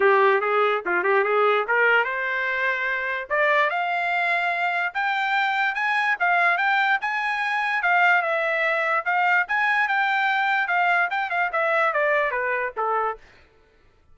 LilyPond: \new Staff \with { instrumentName = "trumpet" } { \time 4/4 \tempo 4 = 146 g'4 gis'4 f'8 g'8 gis'4 | ais'4 c''2. | d''4 f''2. | g''2 gis''4 f''4 |
g''4 gis''2 f''4 | e''2 f''4 gis''4 | g''2 f''4 g''8 f''8 | e''4 d''4 b'4 a'4 | }